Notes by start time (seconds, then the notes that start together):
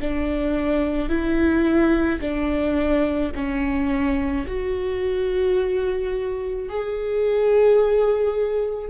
0.00 D4
1.09 E4
2.21 D4
3.35 C#4
4.47 F#4
6.69 G#4